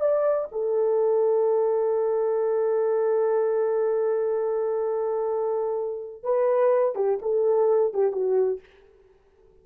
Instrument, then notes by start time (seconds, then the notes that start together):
horn
0.00 D5
0.52 A4
6.23 B4
6.95 G4
7.22 A4
7.94 G4
8.12 F#4